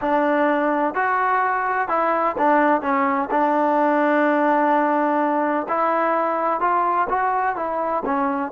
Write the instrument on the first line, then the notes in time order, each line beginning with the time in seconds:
trombone
0.01 D4
0.94 F#4
1.88 E4
2.38 D4
2.81 C#4
3.30 D4
5.68 E4
6.60 F4
7.09 F#4
7.56 E4
8.05 C#4